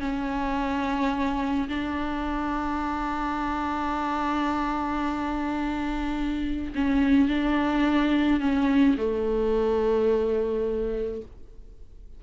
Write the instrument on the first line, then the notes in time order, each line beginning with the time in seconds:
viola
0.00 C#4
1.68 D4
6.75 C#4
7.28 D4
8.40 C#4
8.97 A3